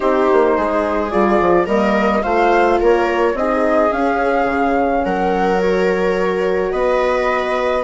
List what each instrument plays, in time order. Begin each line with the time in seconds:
0.00 bassoon C4, horn D#4, viola G4, flute C5
0.32 bassoon A#3
0.56 bassoon G#3, viola G#4
1.10 bassoon G3, horn F4, flute D5
1.40 bassoon F3
1.66 bassoon G3, horn A#3, viola A#4, flute D#5
2.22 bassoon A3, horn F4, viola C5, flute F5
2.80 bassoon A#3, viola A#4, flute C#5
3.33 bassoon C4, horn D#4, viola G#4, flute D#5
3.91 horn C#4, bassoon C#4, flute F5
4.45 bassoon C#3
5.04 bassoon F#3, viola A#4, flute F#5
5.59 horn F#4, flute C#5
6.71 bassoon B3, viola B4, flute D#5